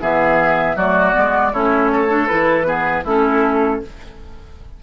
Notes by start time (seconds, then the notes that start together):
0.00 E3 B3 G#4 E5
0.75 F#3 A3 F#4 D5
1.13 G#3 B3
1.53 A3 C#4 E4 C#5
1.91 A4
2.08 D4
2.27 E3 E4 B4
2.65 B3 G#4
3.04 A3 C#4 E4 A4